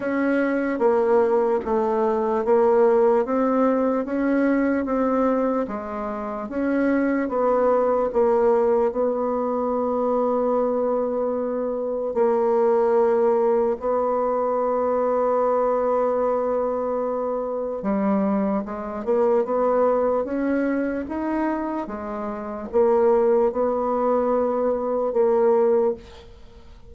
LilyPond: \new Staff \with { instrumentName = "bassoon" } { \time 4/4 \tempo 4 = 74 cis'4 ais4 a4 ais4 | c'4 cis'4 c'4 gis4 | cis'4 b4 ais4 b4~ | b2. ais4~ |
ais4 b2.~ | b2 g4 gis8 ais8 | b4 cis'4 dis'4 gis4 | ais4 b2 ais4 | }